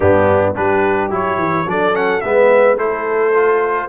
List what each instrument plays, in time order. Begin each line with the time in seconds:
0.00 tuba G2, trombone B3, horn D4, trumpet G4
0.54 tuba G3, trombone D4, horn G4, trumpet B4
1.10 tuba F#3, trombone E4, trumpet C#5
1.37 tuba E3
1.66 tuba F#3, trombone D4, horn A4, trumpet D5
1.92 trombone C#4, trumpet F#5
2.20 tuba G#3, trombone B3, horn B4, trumpet E5
2.77 tuba A3, trombone E4, horn A4, trumpet C5
3.34 trombone F4